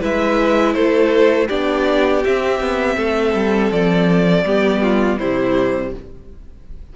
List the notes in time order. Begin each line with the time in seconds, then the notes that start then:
0.00 G#3 E4 B4 E5
0.74 A3 A4 C5
1.48 B3 D4 G4 D5
2.25 C4 E5
2.60 B3
2.96 A3 A4
3.34 G3
3.72 F3 D5
4.44 G3 B3 G4
4.83 F4
5.19 C3 G3 E4 C5